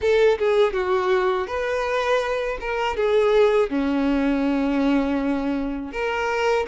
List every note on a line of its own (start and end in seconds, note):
0.01 0.38 A4
0.38 0.73 G#4
0.73 1.46 F#4
1.46 2.58 B4
2.60 2.96 A#4
2.96 3.70 G#4
3.70 5.92 C#4
5.92 6.66 A#4